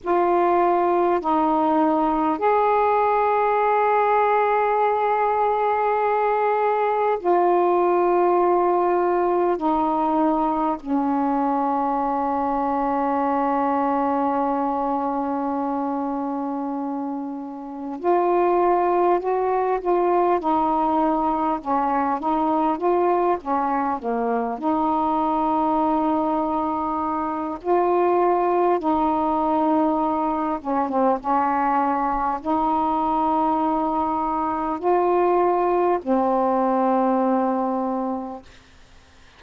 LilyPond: \new Staff \with { instrumentName = "saxophone" } { \time 4/4 \tempo 4 = 50 f'4 dis'4 gis'2~ | gis'2 f'2 | dis'4 cis'2.~ | cis'2. f'4 |
fis'8 f'8 dis'4 cis'8 dis'8 f'8 cis'8 | ais8 dis'2~ dis'8 f'4 | dis'4. cis'16 c'16 cis'4 dis'4~ | dis'4 f'4 c'2 | }